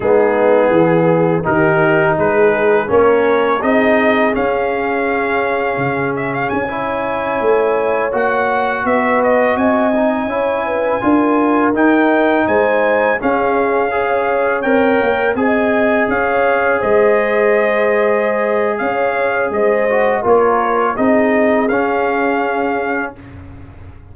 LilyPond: <<
  \new Staff \with { instrumentName = "trumpet" } { \time 4/4 \tempo 4 = 83 gis'2 ais'4 b'4 | cis''4 dis''4 f''2~ | f''8 e''16 f''16 gis''2~ gis''16 fis''8.~ | fis''16 e''8 dis''8 gis''2~ gis''8.~ |
gis''16 g''4 gis''4 f''4.~ f''16~ | f''16 g''4 gis''4 f''4 dis''8.~ | dis''2 f''4 dis''4 | cis''4 dis''4 f''2 | }
  \new Staff \with { instrumentName = "horn" } { \time 4/4 dis'4 gis'4 g'4 gis'4 | ais'4 gis'2.~ | gis'4~ gis'16 cis''2~ cis''8.~ | cis''16 b'4 dis''4 cis''8 b'8 ais'8.~ |
ais'4~ ais'16 c''4 gis'4 cis''8.~ | cis''4~ cis''16 dis''4 cis''4 c''8.~ | c''2 cis''4 c''4 | ais'4 gis'2. | }
  \new Staff \with { instrumentName = "trombone" } { \time 4/4 b2 dis'2 | cis'4 dis'4 cis'2~ | cis'4~ cis'16 e'2 fis'8.~ | fis'4.~ fis'16 dis'8 e'4 f'8.~ |
f'16 dis'2 cis'4 gis'8.~ | gis'16 ais'4 gis'2~ gis'8.~ | gis'2.~ gis'8 fis'8 | f'4 dis'4 cis'2 | }
  \new Staff \with { instrumentName = "tuba" } { \time 4/4 gis4 e4 dis4 gis4 | ais4 c'4 cis'2 | cis4 cis'4~ cis'16 a4 ais8.~ | ais16 b4 c'4 cis'4 d'8.~ |
d'16 dis'4 gis4 cis'4.~ cis'16~ | cis'16 c'8 ais8 c'4 cis'4 gis8.~ | gis2 cis'4 gis4 | ais4 c'4 cis'2 | }
>>